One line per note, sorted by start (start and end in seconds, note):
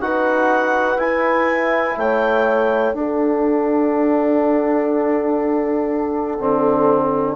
0.00 0.96 D#4
0.00 0.99 F#4
0.00 1.98 B4
0.00 0.98 F#5
0.96 1.94 E4
0.96 2.94 E4
0.96 1.97 G#5
1.97 2.93 A3
1.97 2.96 C#5
1.97 2.94 G5
2.93 6.37 D4
2.93 6.38 D4
2.93 7.35 A4
2.93 7.35 F#5
6.38 7.35 D3
6.38 7.35 C4